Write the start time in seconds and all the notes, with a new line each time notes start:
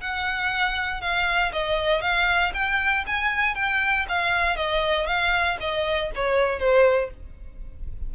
0.00 F#5
1.01 F5
1.52 D#5
2.01 F5
2.53 G5
3.06 G#5
3.55 G5
4.08 F5
4.56 D#5
5.06 F5
5.60 D#5
6.15 C#5
6.59 C5